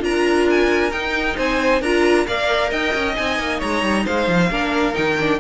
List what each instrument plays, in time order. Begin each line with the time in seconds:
0.00 cello D4, viola F4, violin A#4 A#5
0.50 violin G#5
0.92 cello D#4, viola D#4, violin G5
1.37 cello C4, violin C5 G#5
1.81 cello D4, viola F4, violin A#4 A#5
2.26 cello A#3, viola A#4, violin D5 F5
2.70 cello D#4, violin D#5 G5
2.94 cello C#4
3.15 cello C4, viola D#4, violin G#5
3.39 cello A#3
3.59 cello G#3, violin C#5 A#5
3.83 cello G3
4.05 cello G#3, violin C5 F5
4.28 cello F3
4.51 cello A#3, viola D4, violin A#4
4.94 cello D#3, viola D#4, violin G5
5.20 viola D4